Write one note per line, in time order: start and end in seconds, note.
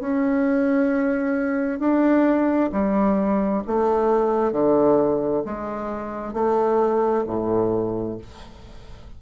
0.00 1.79 C#4
1.79 2.70 D4
2.72 3.63 G3
3.67 4.52 A3
4.52 5.43 D3
5.45 6.33 G#3
6.33 7.24 A3
7.26 8.17 A2